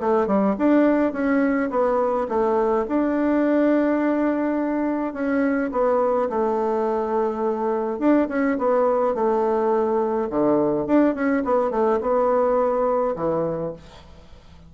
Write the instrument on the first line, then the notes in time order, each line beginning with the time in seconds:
bassoon
0.00 A3
0.27 G3
0.58 D4
1.12 C#4
1.70 B3
2.28 A3
2.88 D4
5.13 C#4
5.72 B3
6.29 A3
7.99 D4
8.28 C#4
8.58 B3
9.14 A3
10.30 D3
10.86 D4
11.14 C#4
11.44 B3
11.70 A3
12.01 B3
13.16 E3